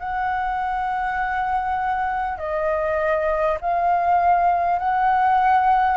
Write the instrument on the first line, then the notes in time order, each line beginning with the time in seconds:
flute
0.00 F#5
2.39 D#5
3.61 F5
4.79 F#5